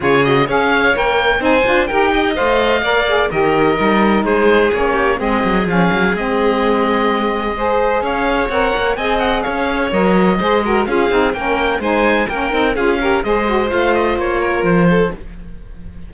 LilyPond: <<
  \new Staff \with { instrumentName = "oboe" } { \time 4/4 \tempo 4 = 127 cis''8 dis''8 f''4 g''4 gis''4 | g''4 f''2 dis''4~ | dis''4 c''4 cis''4 dis''4 | f''4 dis''2.~ |
dis''4 f''4 fis''4 gis''8 fis''8 | f''4 dis''2 f''4 | g''4 gis''4 g''4 f''4 | dis''4 f''8 dis''8 cis''4 c''4 | }
  \new Staff \with { instrumentName = "violin" } { \time 4/4 gis'4 cis''2 c''4 | ais'8 dis''4. d''4 ais'4~ | ais'4 gis'4. g'8 gis'4~ | gis'1 |
c''4 cis''2 dis''4 | cis''2 c''8 ais'8 gis'4 | ais'4 c''4 ais'4 gis'8 ais'8 | c''2~ c''8 ais'4 a'8 | }
  \new Staff \with { instrumentName = "saxophone" } { \time 4/4 f'8 fis'8 gis'4 ais'4 dis'8 f'8 | g'4 c''4 ais'8 gis'8 g'4 | dis'2 cis'4 c'4 | cis'4 c'2. |
gis'2 ais'4 gis'4~ | gis'4 ais'4 gis'8 fis'8 f'8 dis'8 | cis'4 dis'4 cis'8 dis'8 f'8 g'8 | gis'8 fis'8 f'2. | }
  \new Staff \with { instrumentName = "cello" } { \time 4/4 cis4 cis'4 ais4 c'8 d'8 | dis'4 a4 ais4 dis4 | g4 gis4 ais4 gis8 fis8 | f8 fis8 gis2.~ |
gis4 cis'4 c'8 ais8 c'4 | cis'4 fis4 gis4 cis'8 c'8 | ais4 gis4 ais8 c'8 cis'4 | gis4 a4 ais4 f4 | }
>>